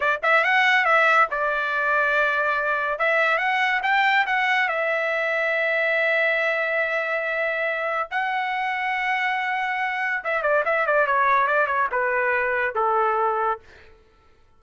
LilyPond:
\new Staff \with { instrumentName = "trumpet" } { \time 4/4 \tempo 4 = 141 d''8 e''8 fis''4 e''4 d''4~ | d''2. e''4 | fis''4 g''4 fis''4 e''4~ | e''1~ |
e''2. fis''4~ | fis''1 | e''8 d''8 e''8 d''8 cis''4 d''8 cis''8 | b'2 a'2 | }